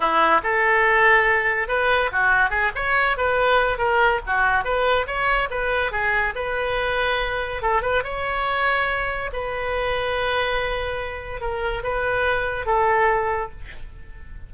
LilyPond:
\new Staff \with { instrumentName = "oboe" } { \time 4/4 \tempo 4 = 142 e'4 a'2. | b'4 fis'4 gis'8 cis''4 b'8~ | b'4 ais'4 fis'4 b'4 | cis''4 b'4 gis'4 b'4~ |
b'2 a'8 b'8 cis''4~ | cis''2 b'2~ | b'2. ais'4 | b'2 a'2 | }